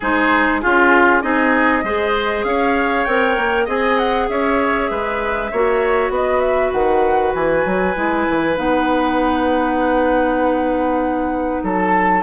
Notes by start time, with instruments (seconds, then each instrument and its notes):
0.00 bassoon G#3, clarinet D#4, oboe G#4, flute C5
0.60 bassoon C#4, clarinet F4, oboe F4, flute G#4
1.21 bassoon C4, clarinet D#4, oboe G#4, flute D#5
1.83 bassoon G#3, clarinet G#4, oboe C5
2.43 bassoon C#4, oboe C#5, flute F5
3.04 bassoon C4, clarinet A#4, flute G5
3.37 bassoon A#3
3.64 bassoon C4, clarinet G#4, oboe D#5, flute G#5
3.97 flute F#5
4.28 bassoon C#4, oboe C#5, flute E5
4.90 bassoon G#3, oboe B4
5.51 bassoon A#3, clarinet F#4, oboe C#5
6.09 bassoon B3, oboe B4, flute D#5
6.40 flute E5
6.72 bassoon D#3, flute F#5
7.34 bassoon E3, flute G#5
7.65 bassoon F#3
7.95 bassoon G#3, clarinet E4
8.29 bassoon E3
8.55 bassoon B3, clarinet D#4, flute F#5
11.63 bassoon F#3, oboe A4, flute A5